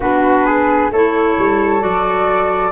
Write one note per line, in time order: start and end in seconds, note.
0.00 0.90 B3
0.00 0.92 D4
0.00 0.45 F#4
0.00 0.91 B4
0.45 0.91 G#4
0.90 1.36 A3
0.90 1.80 E4
0.90 2.72 A4
0.90 1.82 C#5
1.38 1.83 G3
1.80 2.72 F#3
1.80 2.70 F#4
1.80 2.72 D5